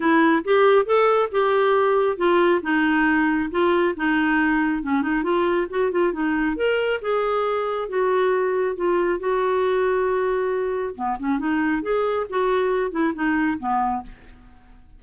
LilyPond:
\new Staff \with { instrumentName = "clarinet" } { \time 4/4 \tempo 4 = 137 e'4 g'4 a'4 g'4~ | g'4 f'4 dis'2 | f'4 dis'2 cis'8 dis'8 | f'4 fis'8 f'8 dis'4 ais'4 |
gis'2 fis'2 | f'4 fis'2.~ | fis'4 b8 cis'8 dis'4 gis'4 | fis'4. e'8 dis'4 b4 | }